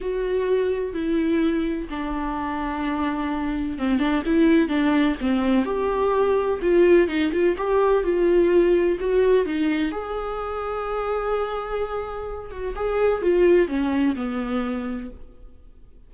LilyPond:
\new Staff \with { instrumentName = "viola" } { \time 4/4 \tempo 4 = 127 fis'2 e'2 | d'1 | c'8 d'8 e'4 d'4 c'4 | g'2 f'4 dis'8 f'8 |
g'4 f'2 fis'4 | dis'4 gis'2.~ | gis'2~ gis'8 fis'8 gis'4 | f'4 cis'4 b2 | }